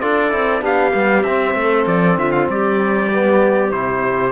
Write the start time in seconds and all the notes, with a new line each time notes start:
0.00 D4 F4 A4 D5
0.30 C4 E4
0.61 B3 D4 G4 F5
0.93 G3 B3
1.23 C4 E5
1.54 A3
1.60 A4
1.86 F3 D5
2.17 D3 F4 E5
2.31 F5
2.48 G3 G4 D5
3.12 B3
3.71 C3 E4 C5